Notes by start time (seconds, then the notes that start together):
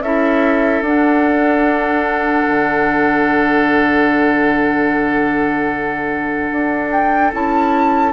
0.00 C#4 E4 A4 E5
0.81 D4 F#5
2.47 D3
6.51 D4
6.91 G5
7.33 C#4 E4 A5